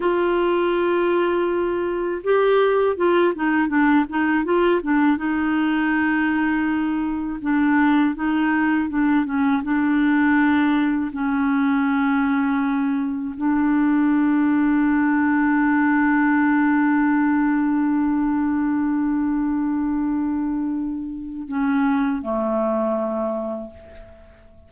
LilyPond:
\new Staff \with { instrumentName = "clarinet" } { \time 4/4 \tempo 4 = 81 f'2. g'4 | f'8 dis'8 d'8 dis'8 f'8 d'8 dis'4~ | dis'2 d'4 dis'4 | d'8 cis'8 d'2 cis'4~ |
cis'2 d'2~ | d'1~ | d'1~ | d'4 cis'4 a2 | }